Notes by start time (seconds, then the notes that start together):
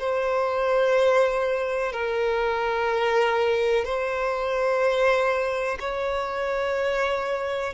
0.00 C5
1.93 A#4
3.85 C5
5.80 C#5